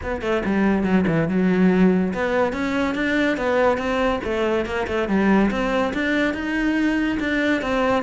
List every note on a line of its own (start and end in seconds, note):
0.02 0.21 B3
0.21 0.42 A3
0.45 0.83 G3
0.83 1.04 F#3
1.07 1.28 E3
1.28 2.13 F#3
2.13 2.52 B3
2.52 2.94 C#4
2.94 3.37 D4
3.37 3.77 B3
3.77 4.20 C4
4.24 4.65 A3
4.65 4.86 A#3
4.87 5.08 A3
5.08 5.50 G3
5.50 5.93 C4
5.93 6.34 D4
6.34 7.18 D#4
7.19 7.61 D4
7.61 8.03 C4